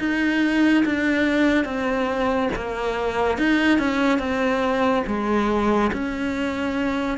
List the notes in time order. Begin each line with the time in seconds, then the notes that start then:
0.00 D#4
0.86 D4
1.65 C4
2.57 A#3
3.38 D#4
3.80 C#4
4.19 C4
5.07 G#3
5.93 C#4